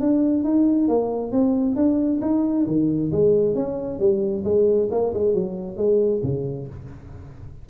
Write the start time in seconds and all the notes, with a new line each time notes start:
0.00 D4
0.44 D#4
0.88 A#3
1.31 C4
1.76 D4
2.21 D#4
2.66 D#3
3.11 G#3
3.55 C#4
3.99 G3
4.44 G#3
4.91 A#3
5.14 G#3
5.34 F#3
5.77 G#3
6.22 C#3